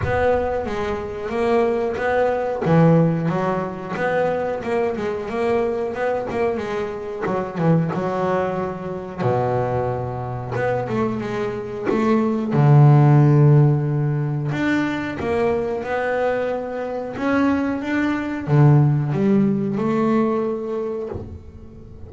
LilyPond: \new Staff \with { instrumentName = "double bass" } { \time 4/4 \tempo 4 = 91 b4 gis4 ais4 b4 | e4 fis4 b4 ais8 gis8 | ais4 b8 ais8 gis4 fis8 e8 | fis2 b,2 |
b8 a8 gis4 a4 d4~ | d2 d'4 ais4 | b2 cis'4 d'4 | d4 g4 a2 | }